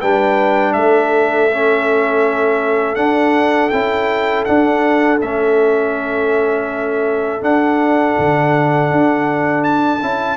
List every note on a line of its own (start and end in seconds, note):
0.00 0.75 G3
0.00 1.51 D4
0.00 0.74 B4
0.00 0.73 G5
0.73 2.96 A3
0.73 10.37 A4
0.73 2.95 E5
1.51 2.96 C#4
2.95 3.70 D4
2.95 3.71 D4
2.95 3.69 F#5
3.70 4.47 C#4
3.70 4.47 E4
3.70 4.44 G5
4.45 5.21 D4
4.45 5.22 D4
4.45 5.19 F#5
5.22 7.42 A3
5.22 7.41 C#4
5.22 7.44 E5
7.41 10.00 D4
7.41 8.16 D4
7.41 9.64 F#5
8.19 8.92 D3
8.92 10.02 D4
9.64 10.37 A5
10.02 10.37 C#4
10.02 10.37 E4